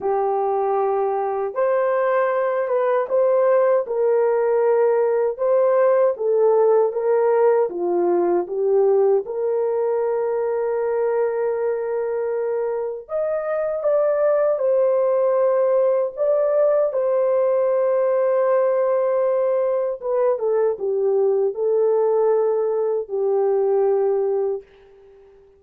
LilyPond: \new Staff \with { instrumentName = "horn" } { \time 4/4 \tempo 4 = 78 g'2 c''4. b'8 | c''4 ais'2 c''4 | a'4 ais'4 f'4 g'4 | ais'1~ |
ais'4 dis''4 d''4 c''4~ | c''4 d''4 c''2~ | c''2 b'8 a'8 g'4 | a'2 g'2 | }